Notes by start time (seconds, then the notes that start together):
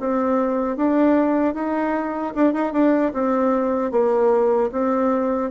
0.00 C4
0.77 D4
1.54 D#4
2.35 D4
2.53 D#4
2.73 D4
3.14 C4
3.92 A#3
4.72 C4